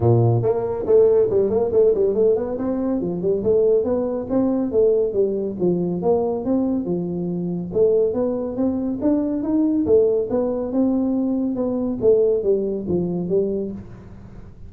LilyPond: \new Staff \with { instrumentName = "tuba" } { \time 4/4 \tempo 4 = 140 ais,4 ais4 a4 g8 ais8 | a8 g8 a8 b8 c'4 f8 g8 | a4 b4 c'4 a4 | g4 f4 ais4 c'4 |
f2 a4 b4 | c'4 d'4 dis'4 a4 | b4 c'2 b4 | a4 g4 f4 g4 | }